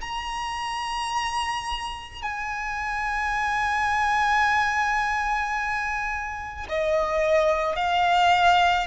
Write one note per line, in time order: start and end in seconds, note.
0.00 2.22 A#5
2.22 6.66 G#5
6.69 7.75 D#5
7.75 8.86 F5